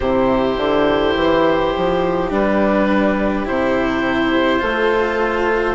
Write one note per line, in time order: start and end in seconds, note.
0.00 0.56 C3
0.00 2.29 E4
0.00 4.60 G4
0.00 2.30 C5
0.56 1.14 D3
1.15 1.73 E3
1.76 2.31 F3
2.29 3.46 G3
2.29 3.45 D4
2.29 3.47 B4
3.45 4.62 C3
3.45 4.59 E4
3.45 5.74 C5
4.59 5.74 A3
4.59 5.74 F4
4.59 5.74 A4